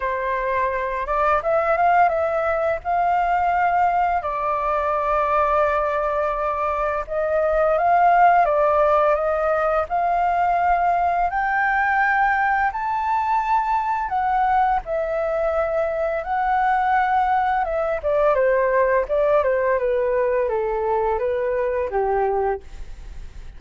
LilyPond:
\new Staff \with { instrumentName = "flute" } { \time 4/4 \tempo 4 = 85 c''4. d''8 e''8 f''8 e''4 | f''2 d''2~ | d''2 dis''4 f''4 | d''4 dis''4 f''2 |
g''2 a''2 | fis''4 e''2 fis''4~ | fis''4 e''8 d''8 c''4 d''8 c''8 | b'4 a'4 b'4 g'4 | }